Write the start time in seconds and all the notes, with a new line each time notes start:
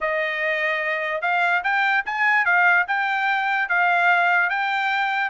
0.01 D#5
1.21 F5
1.63 G5
2.05 G#5
2.45 F5
2.87 G5
3.68 F5
4.49 G5